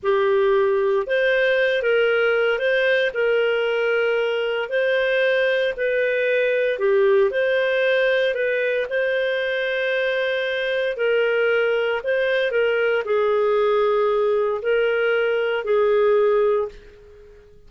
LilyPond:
\new Staff \with { instrumentName = "clarinet" } { \time 4/4 \tempo 4 = 115 g'2 c''4. ais'8~ | ais'4 c''4 ais'2~ | ais'4 c''2 b'4~ | b'4 g'4 c''2 |
b'4 c''2.~ | c''4 ais'2 c''4 | ais'4 gis'2. | ais'2 gis'2 | }